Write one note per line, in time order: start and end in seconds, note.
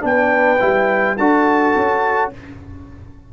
0.00 0.60 B3
0.00 0.57 D4
0.00 1.17 G5
0.06 1.18 B4
0.60 1.17 G3
0.60 1.16 E4
1.17 1.74 D4
1.17 2.33 F#4
1.17 2.32 A4
1.17 2.30 A5
1.75 2.32 C#4